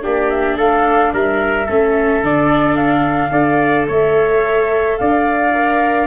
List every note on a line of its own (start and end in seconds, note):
0.00 0.56 A#3
0.00 1.65 D4
0.00 0.56 G4
0.00 0.29 D5
0.29 0.57 E5
0.56 1.11 A3
0.56 1.11 A4
0.56 1.13 F5
1.13 1.68 G3
1.13 1.66 A#4
1.13 2.25 E5
1.66 2.23 A3
1.66 2.24 C#4
1.66 3.31 A4
2.23 3.31 D3
2.23 3.30 D4
2.23 2.75 D5
2.75 3.86 F5
3.30 3.86 D4
3.30 5.50 A4
3.30 3.86 D5
3.87 4.98 A3
3.87 4.97 C#5
3.87 4.97 E5
4.97 6.07 D4
4.97 6.07 D5
4.97 6.07 F5
5.53 6.07 A#4